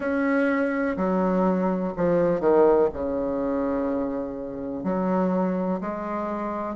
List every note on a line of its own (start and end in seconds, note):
0.00 0.96 C#4
0.97 1.94 F#3
1.96 2.40 F3
2.40 2.88 D#3
2.93 4.83 C#3
4.83 5.80 F#3
5.81 6.75 G#3